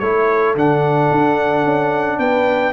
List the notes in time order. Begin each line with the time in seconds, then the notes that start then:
0.00 A3 E4 A4 C#5
0.56 D3 D4 F#5
1.12 D4
1.64 C#4
2.19 B3 B4 G5